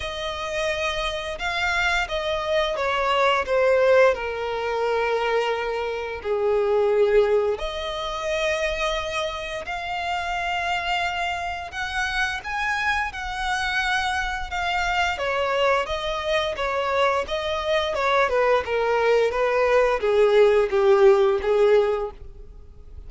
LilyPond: \new Staff \with { instrumentName = "violin" } { \time 4/4 \tempo 4 = 87 dis''2 f''4 dis''4 | cis''4 c''4 ais'2~ | ais'4 gis'2 dis''4~ | dis''2 f''2~ |
f''4 fis''4 gis''4 fis''4~ | fis''4 f''4 cis''4 dis''4 | cis''4 dis''4 cis''8 b'8 ais'4 | b'4 gis'4 g'4 gis'4 | }